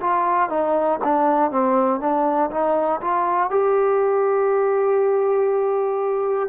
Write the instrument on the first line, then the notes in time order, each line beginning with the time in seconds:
trombone
0.00 F4
0.49 D#4
1.04 D4
1.51 C4
2.00 D4
2.50 D#4
3.01 F4
3.50 G4